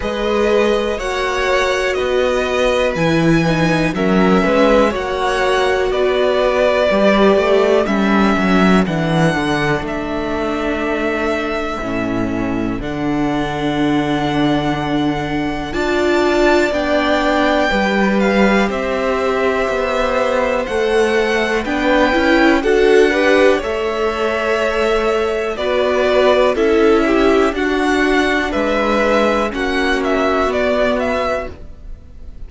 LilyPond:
<<
  \new Staff \with { instrumentName = "violin" } { \time 4/4 \tempo 4 = 61 dis''4 fis''4 dis''4 gis''4 | e''4 fis''4 d''2 | e''4 fis''4 e''2~ | e''4 fis''2. |
a''4 g''4. f''8 e''4~ | e''4 fis''4 g''4 fis''4 | e''2 d''4 e''4 | fis''4 e''4 fis''8 e''8 d''8 e''8 | }
  \new Staff \with { instrumentName = "violin" } { \time 4/4 b'4 cis''4 b'2 | ais'8 b'8 cis''4 b'2 | a'1~ | a'1 |
d''2 b'4 c''4~ | c''2 b'4 a'8 b'8 | cis''2 b'4 a'8 g'8 | fis'4 b'4 fis'2 | }
  \new Staff \with { instrumentName = "viola" } { \time 4/4 gis'4 fis'2 e'8 dis'8 | cis'4 fis'2 g'4 | cis'4 d'2. | cis'4 d'2. |
f'4 d'4 g'2~ | g'4 a'4 d'8 e'8 fis'8 g'8 | a'2 fis'4 e'4 | d'2 cis'4 b4 | }
  \new Staff \with { instrumentName = "cello" } { \time 4/4 gis4 ais4 b4 e4 | fis8 gis8 ais4 b4 g8 a8 | g8 fis8 e8 d8 a2 | a,4 d2. |
d'4 b4 g4 c'4 | b4 a4 b8 cis'8 d'4 | a2 b4 cis'4 | d'4 gis4 ais4 b4 | }
>>